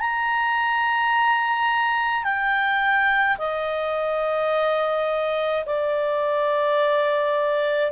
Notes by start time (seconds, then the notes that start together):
0.00 A#5
2.24 G5
3.39 D#5
5.66 D5